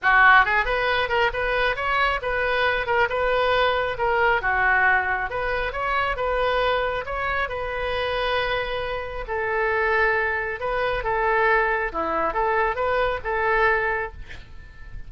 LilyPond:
\new Staff \with { instrumentName = "oboe" } { \time 4/4 \tempo 4 = 136 fis'4 gis'8 b'4 ais'8 b'4 | cis''4 b'4. ais'8 b'4~ | b'4 ais'4 fis'2 | b'4 cis''4 b'2 |
cis''4 b'2.~ | b'4 a'2. | b'4 a'2 e'4 | a'4 b'4 a'2 | }